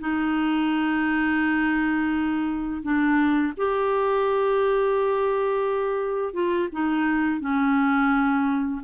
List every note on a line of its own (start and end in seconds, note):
0.00 2.82 D#4
2.83 3.53 D4
3.57 6.34 G4
6.34 6.69 F4
6.73 7.41 D#4
7.41 8.82 C#4